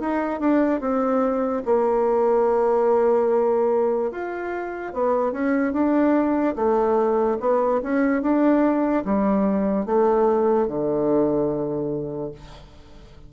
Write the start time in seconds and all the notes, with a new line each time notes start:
0.00 D#4
0.40 D4
0.80 C4
1.65 A#3
4.11 F4
4.93 B3
5.32 C#4
5.73 D4
6.55 A3
7.40 B3
7.83 C#4
8.22 D4
9.05 G3
9.86 A3
10.67 D3